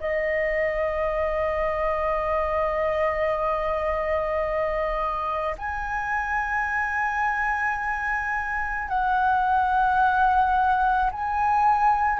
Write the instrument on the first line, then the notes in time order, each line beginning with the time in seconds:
flute
0.00 D#5
5.58 G#5
8.88 F#5
11.12 G#5